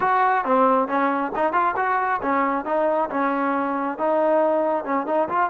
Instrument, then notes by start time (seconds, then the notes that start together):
trombone
0.00 F#4
0.44 C4
0.88 C#4
1.35 D#4
1.52 F4
1.76 F#4
2.22 C#4
2.65 D#4
3.10 C#4
3.98 D#4
4.84 C#4
5.06 D#4
5.28 F4